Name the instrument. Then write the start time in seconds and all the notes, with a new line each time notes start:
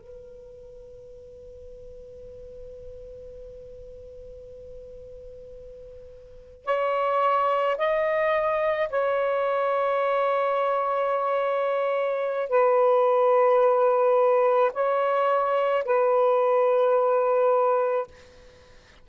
saxophone
0.00 B4
6.65 C#5
7.77 D#5
8.89 C#5
12.49 B4
14.73 C#5
15.84 B4